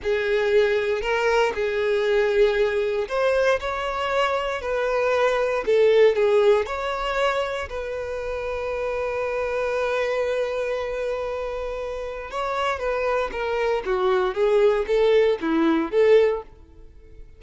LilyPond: \new Staff \with { instrumentName = "violin" } { \time 4/4 \tempo 4 = 117 gis'2 ais'4 gis'4~ | gis'2 c''4 cis''4~ | cis''4 b'2 a'4 | gis'4 cis''2 b'4~ |
b'1~ | b'1 | cis''4 b'4 ais'4 fis'4 | gis'4 a'4 e'4 a'4 | }